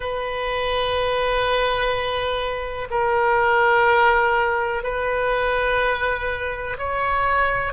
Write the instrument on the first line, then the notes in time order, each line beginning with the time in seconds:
oboe
0.00 B4
2.90 A#4
4.83 B4
6.77 C#5